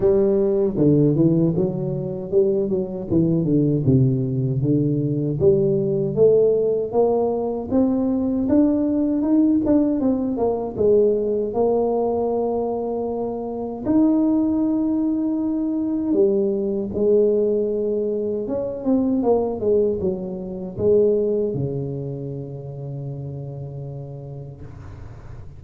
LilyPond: \new Staff \with { instrumentName = "tuba" } { \time 4/4 \tempo 4 = 78 g4 d8 e8 fis4 g8 fis8 | e8 d8 c4 d4 g4 | a4 ais4 c'4 d'4 | dis'8 d'8 c'8 ais8 gis4 ais4~ |
ais2 dis'2~ | dis'4 g4 gis2 | cis'8 c'8 ais8 gis8 fis4 gis4 | cis1 | }